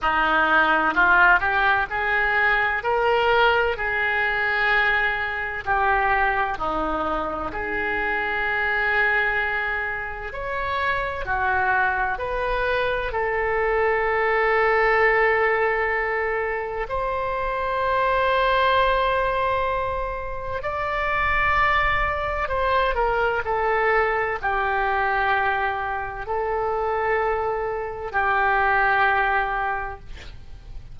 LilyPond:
\new Staff \with { instrumentName = "oboe" } { \time 4/4 \tempo 4 = 64 dis'4 f'8 g'8 gis'4 ais'4 | gis'2 g'4 dis'4 | gis'2. cis''4 | fis'4 b'4 a'2~ |
a'2 c''2~ | c''2 d''2 | c''8 ais'8 a'4 g'2 | a'2 g'2 | }